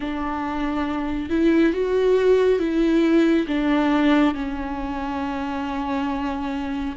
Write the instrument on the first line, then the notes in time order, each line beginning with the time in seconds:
viola
0.00 D4
1.29 E4
1.72 F#4
2.59 E4
3.47 D4
4.34 C#4